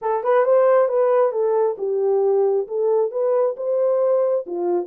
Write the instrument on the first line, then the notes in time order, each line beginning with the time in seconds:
horn
0.01 A4
0.23 B4
0.44 C5
0.88 B4
1.32 A4
1.78 G4
2.67 A4
3.11 B4
3.56 C5
4.46 F4